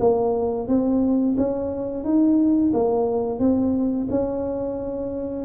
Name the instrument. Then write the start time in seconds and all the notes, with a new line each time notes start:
tuba
0.00 A#3
0.68 C4
1.38 C#4
2.05 D#4
2.74 A#3
3.40 C4
4.11 C#4